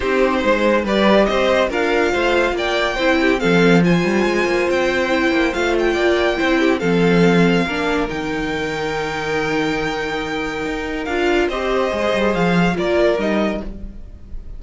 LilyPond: <<
  \new Staff \with { instrumentName = "violin" } { \time 4/4 \tempo 4 = 141 c''2 d''4 dis''4 | f''2 g''2 | f''4 gis''2 g''4~ | g''4 f''8 g''2~ g''8 |
f''2. g''4~ | g''1~ | g''2 f''4 dis''4~ | dis''4 f''4 d''4 dis''4 | }
  \new Staff \with { instrumentName = "violin" } { \time 4/4 g'4 c''4 b'4 c''4 | ais'4 c''4 d''4 c''8 g'8 | a'4 c''2.~ | c''2 d''4 c''8 g'8 |
a'2 ais'2~ | ais'1~ | ais'2. c''4~ | c''2 ais'2 | }
  \new Staff \with { instrumentName = "viola" } { \time 4/4 dis'2 g'2 | f'2. e'4 | c'4 f'2. | e'4 f'2 e'4 |
c'2 d'4 dis'4~ | dis'1~ | dis'2 f'4 g'4 | gis'2 f'4 dis'4 | }
  \new Staff \with { instrumentName = "cello" } { \time 4/4 c'4 gis4 g4 c'4 | d'4 a4 ais4 c'4 | f4. g8 gis8 ais8 c'4~ | c'8 ais8 a4 ais4 c'4 |
f2 ais4 dis4~ | dis1~ | dis4 dis'4 d'4 c'4 | gis8 g8 f4 ais4 g4 | }
>>